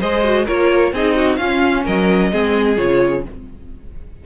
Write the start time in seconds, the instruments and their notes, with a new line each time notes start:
0.00 cello G#3, viola G#4, violin C5 D#5
0.24 viola F#4
0.45 cello A#3, viola F4, violin A#4 C#5
0.92 cello C4, viola D#4, violin G#4 D#5
1.17 violin F#4
1.36 cello C#4, viola C#4, violin F4 F5
1.85 cello F#3, violin A#4 D#5
2.32 cello G#3, viola C4, violin G#4
2.77 cello C#3, viola F4, violin C#5